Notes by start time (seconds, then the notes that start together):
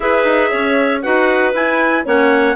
0.00 E4 G#4 B4 E5
0.24 D#4
0.50 C#4 C#5
1.02 D#4 F#4 B4 F#5
1.53 E4 G#5
2.04 A#3 C#4 C#5 F#5